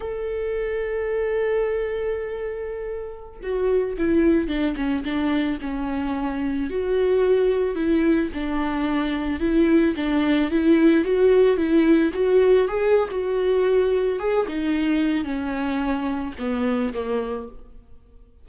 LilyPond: \new Staff \with { instrumentName = "viola" } { \time 4/4 \tempo 4 = 110 a'1~ | a'2~ a'16 fis'4 e'8.~ | e'16 d'8 cis'8 d'4 cis'4.~ cis'16~ | cis'16 fis'2 e'4 d'8.~ |
d'4~ d'16 e'4 d'4 e'8.~ | e'16 fis'4 e'4 fis'4 gis'8. | fis'2 gis'8 dis'4. | cis'2 b4 ais4 | }